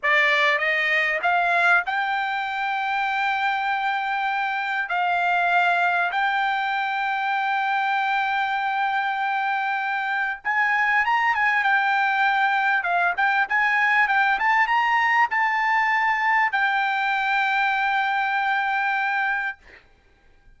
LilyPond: \new Staff \with { instrumentName = "trumpet" } { \time 4/4 \tempo 4 = 98 d''4 dis''4 f''4 g''4~ | g''1 | f''2 g''2~ | g''1~ |
g''4 gis''4 ais''8 gis''8 g''4~ | g''4 f''8 g''8 gis''4 g''8 a''8 | ais''4 a''2 g''4~ | g''1 | }